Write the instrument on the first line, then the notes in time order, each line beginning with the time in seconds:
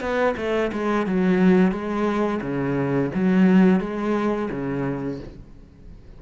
cello
0.00 B3
0.37 A3
0.72 G#3
1.06 F#3
1.71 G#3
2.41 C#3
3.14 F#3
3.80 G#3
4.50 C#3